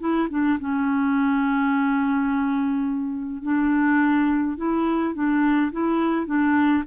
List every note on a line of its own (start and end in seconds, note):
0.00 0.29 E4
0.30 0.59 D4
0.60 3.43 C#4
3.43 4.57 D4
4.57 5.15 E4
5.15 5.72 D4
5.72 6.27 E4
6.27 6.84 D4